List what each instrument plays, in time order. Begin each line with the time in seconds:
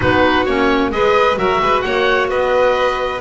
0.00 double bass B3, clarinet D#4, violin F#4, oboe B4
0.45 double bass A#3, clarinet C#4, oboe C#5
0.90 double bass G#3, clarinet G#4, violin B4, oboe D#5
1.36 double bass F#3, clarinet F#4, violin A#4, oboe E5
1.61 double bass G#3, violin B4
1.81 double bass A#3, violin C#5, oboe F#5
2.29 double bass B3, violin B4, oboe D#5